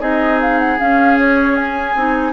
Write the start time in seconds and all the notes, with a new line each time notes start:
0.00 C4 D#4 G#4 D#5
0.41 F5
0.59 F#5
0.79 C#4 F5
1.18 C#5
1.56 G#5
1.95 C4 D#4